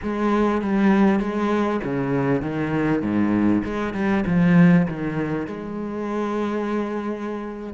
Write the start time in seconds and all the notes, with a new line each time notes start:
0.02 G#3
0.61 G3
1.19 G#3
1.83 C#3
2.41 D#3
3.01 G#2
3.64 G#3
3.93 G3
4.26 F3
4.87 D#3
5.47 G#3